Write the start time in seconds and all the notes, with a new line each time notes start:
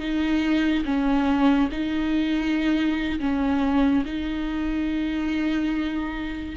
0.00 D#4
0.85 C#4
1.72 D#4
3.20 C#4
4.06 D#4